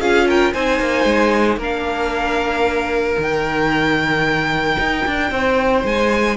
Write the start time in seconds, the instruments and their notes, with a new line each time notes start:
0.00 cello C#4, viola F4, violin G#4 F5
0.27 violin A#4 G5
0.53 cello C4, viola D#4, violin C5 G#5
0.79 cello A#3
1.05 cello G#3
1.57 cello A#3, viola D4, violin A#4
1.63 violin F5
3.18 cello D#3, viola D#4, violin G5
4.79 cello D#4
5.06 cello D4
5.31 cello C4, violin C5
5.84 cello G#3, violin G#5